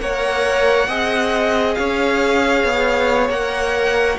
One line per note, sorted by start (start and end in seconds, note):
0.00 0.88 A#3
0.00 0.88 A#4
0.00 0.89 C#5
0.00 1.75 F#5
0.88 1.76 C4
0.88 3.31 G#4
0.88 1.78 D#5
1.75 2.64 C#4
1.75 4.19 C#5
1.75 3.29 F5
2.64 3.30 B3
3.30 4.18 A#3
3.30 4.19 A#4
3.30 4.19 F#5